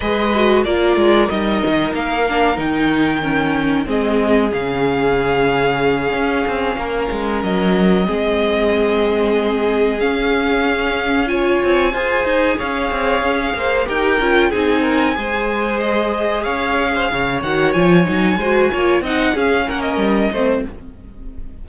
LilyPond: <<
  \new Staff \with { instrumentName = "violin" } { \time 4/4 \tempo 4 = 93 dis''4 d''4 dis''4 f''4 | g''2 dis''4 f''4~ | f''2.~ f''8 dis''8~ | dis''2.~ dis''8 f''8~ |
f''4. gis''2 f''8~ | f''4. g''4 gis''4.~ | gis''8 dis''4 f''4. fis''8 gis''8~ | gis''4. fis''8 f''8 fis''16 dis''4~ dis''16 | }
  \new Staff \with { instrumentName = "violin" } { \time 4/4 b'4 ais'2.~ | ais'2 gis'2~ | gis'2~ gis'8 ais'4.~ | ais'8 gis'2.~ gis'8~ |
gis'4. cis''4 c''4 cis''8~ | cis''4 c''8 ais'4 gis'8 ais'8 c''8~ | c''4. cis''8. c''16 cis''4.~ | cis''8 c''8 cis''8 dis''8 gis'8 ais'4 c''8 | }
  \new Staff \with { instrumentName = "viola" } { \time 4/4 gis'8 fis'8 f'4 dis'4. d'8 | dis'4 cis'4 c'4 cis'4~ | cis'1~ | cis'8 c'2. cis'8~ |
cis'4. f'4 gis'4.~ | gis'4. g'8 f'8 dis'4 gis'8~ | gis'2. fis'8 f'8 | dis'8 fis'8 f'8 dis'8 cis'4. c'8 | }
  \new Staff \with { instrumentName = "cello" } { \time 4/4 gis4 ais8 gis8 g8 dis8 ais4 | dis2 gis4 cis4~ | cis4. cis'8 c'8 ais8 gis8 fis8~ | fis8 gis2. cis'8~ |
cis'2 c'8 f'8 dis'8 cis'8 | c'8 cis'8 ais8 dis'8 cis'8 c'4 gis8~ | gis4. cis'4 cis8 dis8 f8 | fis8 gis8 ais8 c'8 cis'8 ais8 g8 a8 | }
>>